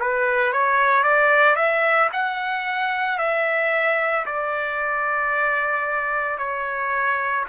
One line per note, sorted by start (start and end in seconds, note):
0.00 0.53 B4
0.53 1.03 C#5
1.03 1.56 D5
1.56 2.09 E5
2.13 3.19 F#5
3.19 4.26 E5
4.26 6.38 D5
6.38 7.45 C#5